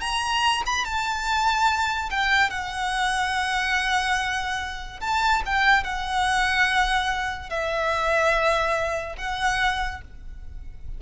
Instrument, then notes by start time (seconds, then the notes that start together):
violin
0.00 A#5
0.66 B5
0.84 A5
2.10 G5
2.50 F#5
5.00 A5
5.45 G5
5.83 F#5
7.49 E5
9.17 F#5